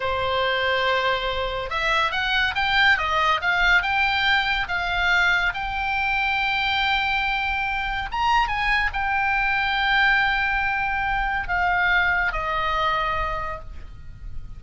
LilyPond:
\new Staff \with { instrumentName = "oboe" } { \time 4/4 \tempo 4 = 141 c''1 | e''4 fis''4 g''4 dis''4 | f''4 g''2 f''4~ | f''4 g''2.~ |
g''2. ais''4 | gis''4 g''2.~ | g''2. f''4~ | f''4 dis''2. | }